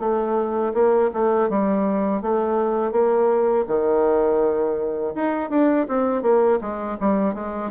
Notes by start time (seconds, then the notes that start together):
0.00 A3
0.74 A#3
1.14 A3
1.50 G3
2.22 A3
2.92 A#3
3.68 D#3
5.15 D#4
5.50 D4
5.89 C4
6.23 A#3
6.61 G#3
7.00 G3
7.35 G#3